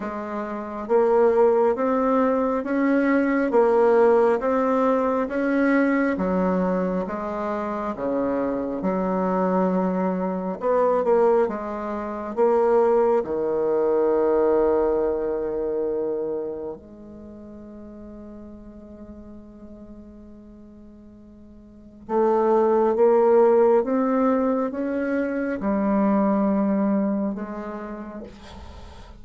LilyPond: \new Staff \with { instrumentName = "bassoon" } { \time 4/4 \tempo 4 = 68 gis4 ais4 c'4 cis'4 | ais4 c'4 cis'4 fis4 | gis4 cis4 fis2 | b8 ais8 gis4 ais4 dis4~ |
dis2. gis4~ | gis1~ | gis4 a4 ais4 c'4 | cis'4 g2 gis4 | }